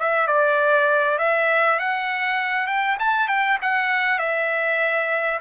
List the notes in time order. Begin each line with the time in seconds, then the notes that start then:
0.00 E5
0.28 D5
1.19 E5
1.80 F#5
2.67 G5
2.99 A5
3.28 G5
3.62 F#5
4.19 E5